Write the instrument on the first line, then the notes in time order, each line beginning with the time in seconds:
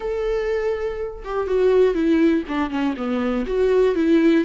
viola
0.00 A4
1.24 G4
1.47 F#4
1.94 E4
2.48 D4
2.70 C#4
2.96 B3
3.46 F#4
3.95 E4